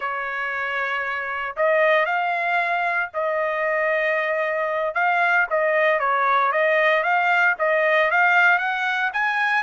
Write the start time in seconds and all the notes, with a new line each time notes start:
0.00 C#5
1.56 D#5
2.05 F5
3.13 D#5
4.94 F5
5.49 D#5
5.99 C#5
6.52 D#5
7.03 F5
7.58 D#5
8.11 F5
8.58 F#5
9.13 G#5